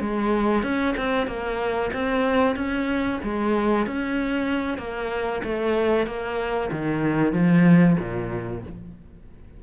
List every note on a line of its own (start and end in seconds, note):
0.00 0.63 G#3
0.63 0.95 C#4
0.97 1.27 C4
1.27 1.91 A#3
1.93 2.55 C4
2.55 3.19 C#4
3.23 3.86 G#3
3.86 4.78 C#4
4.78 5.41 A#3
5.43 6.06 A3
6.06 6.70 A#3
6.71 7.33 D#3
7.33 7.96 F3
7.99 8.63 A#2